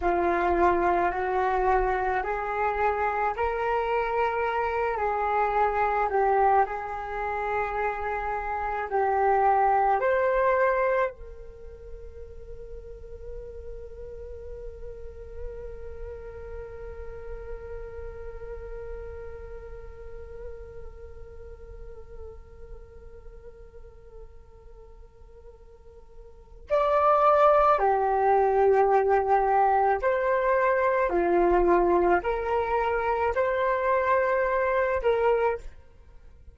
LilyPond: \new Staff \with { instrumentName = "flute" } { \time 4/4 \tempo 4 = 54 f'4 fis'4 gis'4 ais'4~ | ais'8 gis'4 g'8 gis'2 | g'4 c''4 ais'2~ | ais'1~ |
ais'1~ | ais'1 | d''4 g'2 c''4 | f'4 ais'4 c''4. ais'8 | }